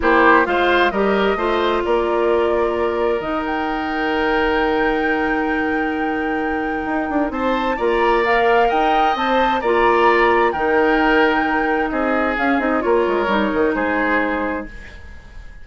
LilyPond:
<<
  \new Staff \with { instrumentName = "flute" } { \time 4/4 \tempo 4 = 131 c''4 f''4 dis''2 | d''2. dis''8 g''8~ | g''1~ | g''1 |
a''4 ais''4 f''4 g''4 | a''4 ais''2 g''4~ | g''2 dis''4 f''8 dis''8 | cis''2 c''2 | }
  \new Staff \with { instrumentName = "oboe" } { \time 4/4 g'4 c''4 ais'4 c''4 | ais'1~ | ais'1~ | ais'1 |
c''4 d''2 dis''4~ | dis''4 d''2 ais'4~ | ais'2 gis'2 | ais'2 gis'2 | }
  \new Staff \with { instrumentName = "clarinet" } { \time 4/4 e'4 f'4 g'4 f'4~ | f'2. dis'4~ | dis'1~ | dis'1~ |
dis'4 f'4 ais'2 | c''4 f'2 dis'4~ | dis'2. cis'8 dis'8 | f'4 dis'2. | }
  \new Staff \with { instrumentName = "bassoon" } { \time 4/4 ais4 gis4 g4 a4 | ais2. dis4~ | dis1~ | dis2. dis'8 d'8 |
c'4 ais2 dis'4 | c'4 ais2 dis4~ | dis2 c'4 cis'8 c'8 | ais8 gis8 g8 dis8 gis2 | }
>>